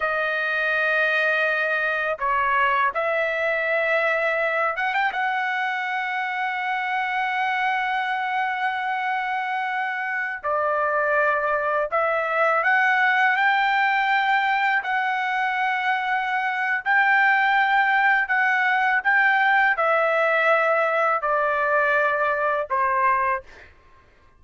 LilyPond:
\new Staff \with { instrumentName = "trumpet" } { \time 4/4 \tempo 4 = 82 dis''2. cis''4 | e''2~ e''8 fis''16 g''16 fis''4~ | fis''1~ | fis''2~ fis''16 d''4.~ d''16~ |
d''16 e''4 fis''4 g''4.~ g''16~ | g''16 fis''2~ fis''8. g''4~ | g''4 fis''4 g''4 e''4~ | e''4 d''2 c''4 | }